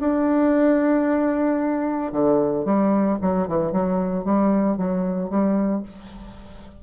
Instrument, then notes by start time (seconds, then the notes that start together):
bassoon
0.00 D4
2.12 D3
2.65 G3
3.21 F#3
3.48 E3
3.72 F#3
4.24 G3
4.77 F#3
5.29 G3